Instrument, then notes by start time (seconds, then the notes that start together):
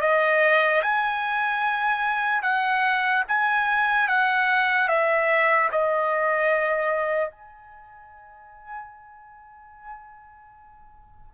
trumpet
0.00 D#5
0.81 G#5
2.42 F#5
3.28 G#5
4.07 F#5
4.88 E5
5.71 D#5
7.30 G#5